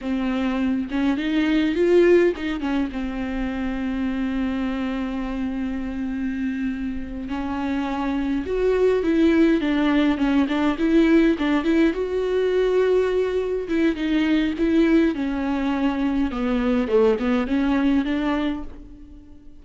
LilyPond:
\new Staff \with { instrumentName = "viola" } { \time 4/4 \tempo 4 = 103 c'4. cis'8 dis'4 f'4 | dis'8 cis'8 c'2.~ | c'1~ | c'8 cis'2 fis'4 e'8~ |
e'8 d'4 cis'8 d'8 e'4 d'8 | e'8 fis'2. e'8 | dis'4 e'4 cis'2 | b4 a8 b8 cis'4 d'4 | }